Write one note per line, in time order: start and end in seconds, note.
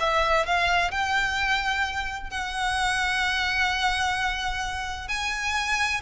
0.00 0.46 E5
0.46 0.91 F5
0.91 2.30 G5
2.30 5.08 F#5
5.08 6.01 G#5